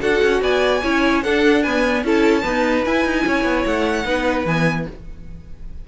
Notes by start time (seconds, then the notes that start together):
0.00 D4 F#4 A4 F#5
0.23 C#4
0.41 B3 D5 G#5
0.83 C#4 E4 C#5
1.23 D4 A4 F#5
1.63 B3 B4 G#5
2.03 C#4 E4 A4 A5
2.42 B3 D#4 B4
2.85 E4 G#5
3.05 D#4
3.26 C#4 C#5
3.44 B3
3.65 A3 F#5
4.04 B3 D#4 B4
4.45 E3 B3 G#5